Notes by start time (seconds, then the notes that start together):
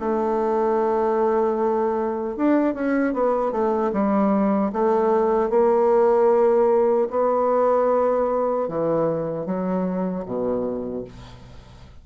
0.00 A3
2.37 D4
2.75 C#4
3.14 B3
3.52 A3
3.93 G3
4.73 A3
5.50 A#3
7.10 B3
8.68 E3
9.46 F#3
10.26 B2